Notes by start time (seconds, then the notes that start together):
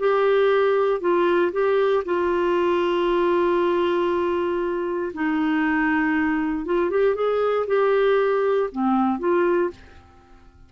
0.00 G4
1.01 F4
1.53 G4
2.05 F4
5.14 D#4
6.66 F4
6.91 G4
7.15 G#4
7.68 G4
8.72 C4
9.20 F4